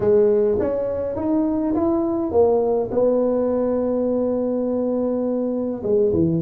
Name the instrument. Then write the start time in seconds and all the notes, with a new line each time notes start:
tuba
0.00 G#3
0.59 C#4
1.16 D#4
1.74 E4
2.31 A#3
2.91 B3
5.83 G#3
6.13 E3